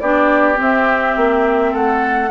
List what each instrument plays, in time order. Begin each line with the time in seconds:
0.00 bassoon B3, clarinet D4, oboe G4, flute D5
0.56 clarinet C4, bassoon C4, flute E5
1.17 bassoon A#3
1.72 bassoon A3, oboe A4, flute F#5